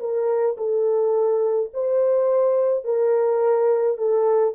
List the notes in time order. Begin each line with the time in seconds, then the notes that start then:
0.00 A#4
0.58 A4
1.74 C5
2.85 A#4
3.98 A4